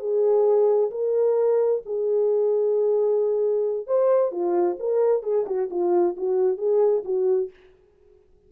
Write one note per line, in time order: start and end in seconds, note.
0.00 0.91 G#4
0.91 1.82 A#4
1.86 3.87 G#4
3.87 4.32 C5
4.32 4.77 F4
4.80 5.23 A#4
5.23 5.46 G#4
5.47 5.70 F#4
5.71 6.16 F4
6.17 6.58 F#4
6.58 7.04 G#4
7.05 7.51 F#4